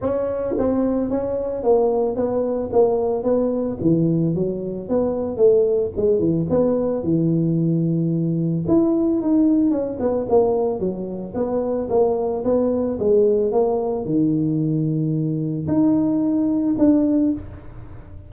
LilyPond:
\new Staff \with { instrumentName = "tuba" } { \time 4/4 \tempo 4 = 111 cis'4 c'4 cis'4 ais4 | b4 ais4 b4 e4 | fis4 b4 a4 gis8 e8 | b4 e2. |
e'4 dis'4 cis'8 b8 ais4 | fis4 b4 ais4 b4 | gis4 ais4 dis2~ | dis4 dis'2 d'4 | }